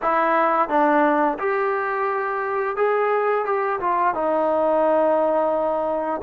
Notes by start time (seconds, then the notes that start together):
0.02 E4
0.69 D4
1.38 G4
2.76 G#4
3.45 G4
3.80 F4
4.14 D#4